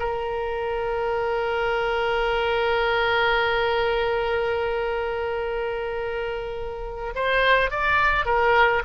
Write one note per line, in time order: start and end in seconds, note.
0.00 7.14 A#4
7.16 7.71 C5
7.71 8.26 D5
8.26 8.83 A#4